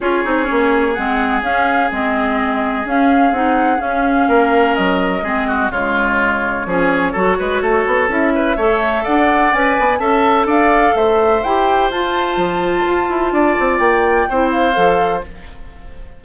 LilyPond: <<
  \new Staff \with { instrumentName = "flute" } { \time 4/4 \tempo 4 = 126 cis''2 fis''4 f''4 | dis''2 f''4 fis''4 | f''2 dis''2 | cis''1~ |
cis''4 e''2 fis''4 | gis''4 a''4 f''4 e''4 | g''4 a''2.~ | a''4 g''4. f''4. | }
  \new Staff \with { instrumentName = "oboe" } { \time 4/4 gis'1~ | gis'1~ | gis'4 ais'2 gis'8 fis'8 | f'2 gis'4 a'8 b'8 |
a'4. b'8 cis''4 d''4~ | d''4 e''4 d''4 c''4~ | c''1 | d''2 c''2 | }
  \new Staff \with { instrumentName = "clarinet" } { \time 4/4 f'8 dis'8 cis'4 c'4 cis'4 | c'2 cis'4 dis'4 | cis'2. c'4 | gis2 cis'4 fis'4~ |
fis'4 e'4 a'2 | b'4 a'2. | g'4 f'2.~ | f'2 e'4 a'4 | }
  \new Staff \with { instrumentName = "bassoon" } { \time 4/4 cis'8 c'8 ais4 gis4 cis'4 | gis2 cis'4 c'4 | cis'4 ais4 fis4 gis4 | cis2 f4 fis8 gis8 |
a8 b8 cis'4 a4 d'4 | cis'8 b8 cis'4 d'4 a4 | e'4 f'4 f4 f'8 e'8 | d'8 c'8 ais4 c'4 f4 | }
>>